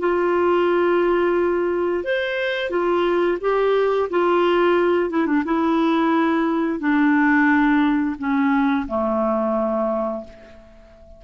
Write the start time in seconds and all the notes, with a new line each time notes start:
0.00 F4
2.05 C5
2.71 F4
3.41 G4
4.10 F4
5.10 E4
5.27 D4
5.45 E4
6.80 D4
8.19 C#4
8.88 A3